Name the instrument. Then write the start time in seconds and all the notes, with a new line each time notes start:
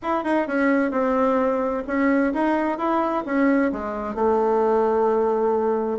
bassoon
0.02 E4
0.23 D#4
0.47 C#4
0.91 C4
1.87 C#4
2.33 D#4
2.78 E4
3.25 C#4
3.72 G#3
4.14 A3